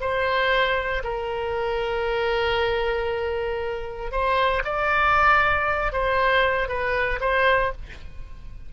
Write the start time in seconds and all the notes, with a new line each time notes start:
0.00 C5
1.03 A#4
4.11 C5
4.64 D5
5.92 C5
6.68 B4
7.20 C5